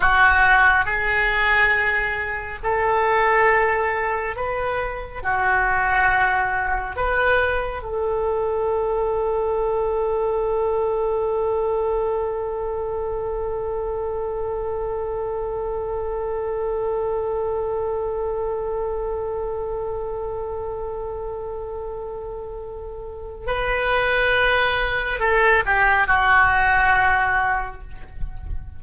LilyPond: \new Staff \with { instrumentName = "oboe" } { \time 4/4 \tempo 4 = 69 fis'4 gis'2 a'4~ | a'4 b'4 fis'2 | b'4 a'2.~ | a'1~ |
a'1~ | a'1~ | a'2. b'4~ | b'4 a'8 g'8 fis'2 | }